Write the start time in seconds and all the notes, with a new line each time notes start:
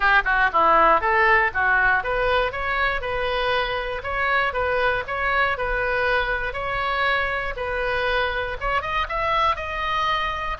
0.00 G4
0.24 F#4
0.52 E4
1.00 A4
1.54 F#4
2.03 B4
2.51 C#5
3.01 B4
4.03 C#5
4.53 B4
5.07 C#5
5.57 B4
6.53 C#5
7.56 B4
8.60 C#5
8.81 D#5
9.08 E5
9.56 D#5